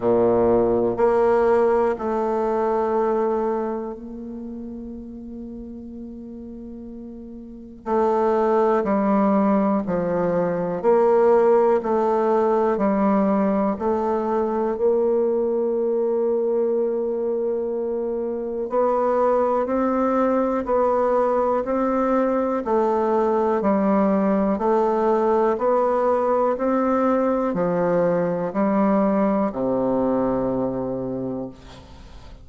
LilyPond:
\new Staff \with { instrumentName = "bassoon" } { \time 4/4 \tempo 4 = 61 ais,4 ais4 a2 | ais1 | a4 g4 f4 ais4 | a4 g4 a4 ais4~ |
ais2. b4 | c'4 b4 c'4 a4 | g4 a4 b4 c'4 | f4 g4 c2 | }